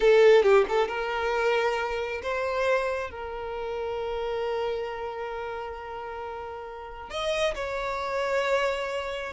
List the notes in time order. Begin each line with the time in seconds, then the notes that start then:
0.00 A4
0.42 G4
0.68 A4
0.88 A#4
2.22 C5
3.10 A#4
7.10 D#5
7.55 C#5